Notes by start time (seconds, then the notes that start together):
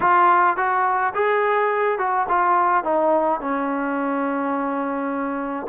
0.00 F4
0.56 F#4
1.14 G#4
1.98 F#4
2.28 F4
2.84 D#4
3.40 C#4